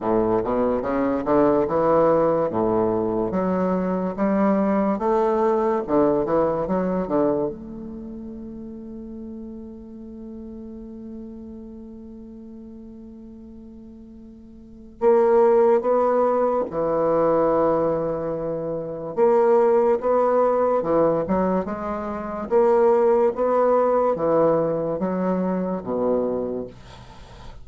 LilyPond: \new Staff \with { instrumentName = "bassoon" } { \time 4/4 \tempo 4 = 72 a,8 b,8 cis8 d8 e4 a,4 | fis4 g4 a4 d8 e8 | fis8 d8 a2.~ | a1~ |
a2 ais4 b4 | e2. ais4 | b4 e8 fis8 gis4 ais4 | b4 e4 fis4 b,4 | }